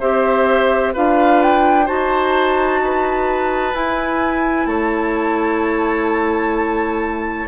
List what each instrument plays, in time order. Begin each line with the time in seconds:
0.00 bassoon C4, clarinet G4, oboe C5, flute E5
0.94 bassoon D4, clarinet F4, oboe B4, flute F5
1.42 flute G5
1.86 bassoon D#4, clarinet F#4, oboe C5, flute A5
2.85 oboe B4
3.73 clarinet E4, bassoon E4, flute G#5
4.66 bassoon A3, oboe C#5, flute A5